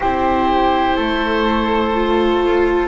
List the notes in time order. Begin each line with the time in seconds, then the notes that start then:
0.00 C4 E4 G4 C5
0.96 A3 A4
1.95 F4